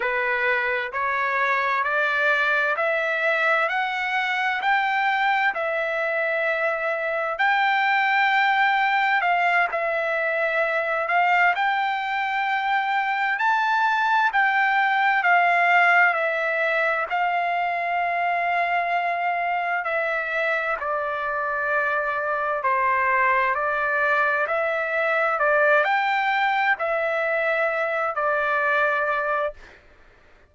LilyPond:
\new Staff \with { instrumentName = "trumpet" } { \time 4/4 \tempo 4 = 65 b'4 cis''4 d''4 e''4 | fis''4 g''4 e''2 | g''2 f''8 e''4. | f''8 g''2 a''4 g''8~ |
g''8 f''4 e''4 f''4.~ | f''4. e''4 d''4.~ | d''8 c''4 d''4 e''4 d''8 | g''4 e''4. d''4. | }